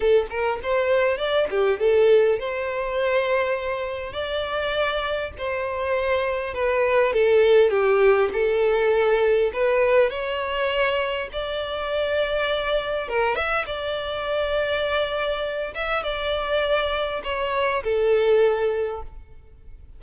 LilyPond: \new Staff \with { instrumentName = "violin" } { \time 4/4 \tempo 4 = 101 a'8 ais'8 c''4 d''8 g'8 a'4 | c''2. d''4~ | d''4 c''2 b'4 | a'4 g'4 a'2 |
b'4 cis''2 d''4~ | d''2 ais'8 e''8 d''4~ | d''2~ d''8 e''8 d''4~ | d''4 cis''4 a'2 | }